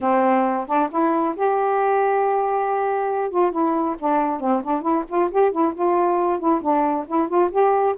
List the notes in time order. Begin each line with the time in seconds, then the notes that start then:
0.00 C4
0.66 D4
0.91 E4
1.36 G4
3.30 F4
3.51 E4
3.99 D4
4.40 C4
4.63 D4
4.81 E4
5.08 F4
5.31 G4
5.51 E4
5.74 F4
6.39 E4
6.61 D4
7.07 E4
7.28 F4
7.51 G4